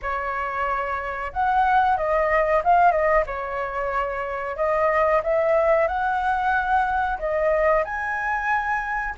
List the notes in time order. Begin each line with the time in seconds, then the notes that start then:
0.01 C#5
1.32 F#5
1.97 D#5
2.64 F5
2.91 D#5
3.26 C#5
4.56 D#5
5.23 E5
5.87 F#5
7.19 D#5
7.84 G#5